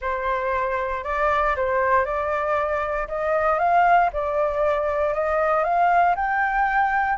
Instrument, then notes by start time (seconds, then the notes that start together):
flute
0.01 C5
1.04 D5
1.56 C5
2.05 D5
3.08 D#5
3.59 F5
4.13 D5
5.14 D#5
5.63 F5
6.15 G5